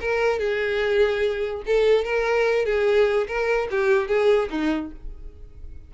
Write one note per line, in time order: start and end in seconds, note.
0.00 0.39 A#4
0.39 1.62 G#4
1.66 2.04 A4
2.04 2.65 A#4
2.65 3.27 G#4
3.27 3.68 A#4
3.70 4.08 G4
4.08 4.49 G#4
4.50 4.91 D#4